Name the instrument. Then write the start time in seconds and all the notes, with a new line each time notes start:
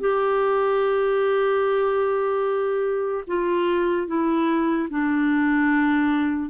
clarinet
0.00 G4
3.27 F4
4.07 E4
4.90 D4